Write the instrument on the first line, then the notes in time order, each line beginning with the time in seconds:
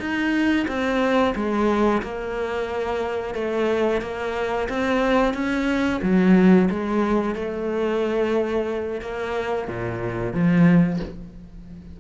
cello
0.00 D#4
0.68 C4
1.36 G#3
2.03 A#3
3.35 A3
4.02 A#3
4.70 C4
5.34 C#4
6.03 F#3
6.71 G#3
7.36 A3
9.02 A#3
9.68 A#2
10.34 F3